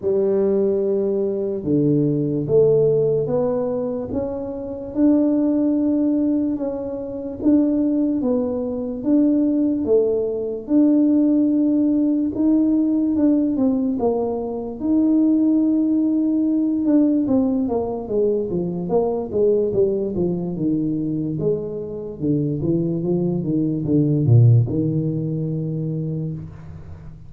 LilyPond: \new Staff \with { instrumentName = "tuba" } { \time 4/4 \tempo 4 = 73 g2 d4 a4 | b4 cis'4 d'2 | cis'4 d'4 b4 d'4 | a4 d'2 dis'4 |
d'8 c'8 ais4 dis'2~ | dis'8 d'8 c'8 ais8 gis8 f8 ais8 gis8 | g8 f8 dis4 gis4 d8 e8 | f8 dis8 d8 ais,8 dis2 | }